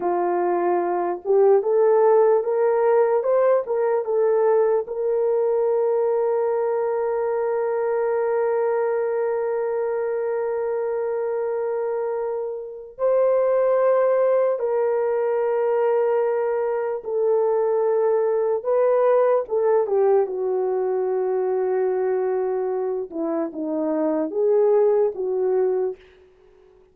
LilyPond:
\new Staff \with { instrumentName = "horn" } { \time 4/4 \tempo 4 = 74 f'4. g'8 a'4 ais'4 | c''8 ais'8 a'4 ais'2~ | ais'1~ | ais'1 |
c''2 ais'2~ | ais'4 a'2 b'4 | a'8 g'8 fis'2.~ | fis'8 e'8 dis'4 gis'4 fis'4 | }